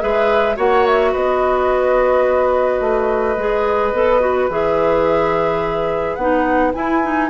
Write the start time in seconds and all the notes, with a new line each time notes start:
0.00 G#3 G#4 B4 E5
0.56 A#3 F#4 C#5 F#5
0.86 E5
1.12 B3 B4 D#5
2.80 A3
3.37 G#3 G#4
3.92 B3 A4
4.21 F#4
4.49 E3 G#4 E5
6.15 B3 D#4 F#5
6.74 E4 G#5
7.02 D#4